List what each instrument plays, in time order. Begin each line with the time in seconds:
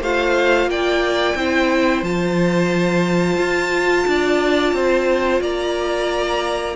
0.00 cello A3, viola F4, violin C5 F5
0.66 cello A#3, violin D5 G5
1.35 cello C4, viola E4, violin C5
2.02 cello F3, viola F4, violin A5
3.37 cello F4
4.07 cello D4, violin D5
4.72 cello C4, violin C5
5.40 cello A#3, violin D5 A#5